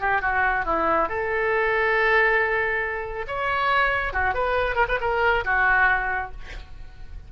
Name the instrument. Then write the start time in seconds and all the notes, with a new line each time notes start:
oboe
0.00 G4
0.21 F#4
0.65 E4
1.08 A4
3.27 C#5
4.13 F#4
4.34 B4
4.75 A#4
4.88 B4
5.00 A#4
5.44 F#4